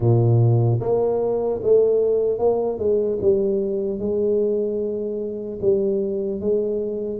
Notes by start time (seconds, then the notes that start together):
0.00 A#2
0.80 A#3
1.63 A3
2.39 A#3
2.78 G#3
3.21 G3
3.99 G#3
5.61 G3
6.40 G#3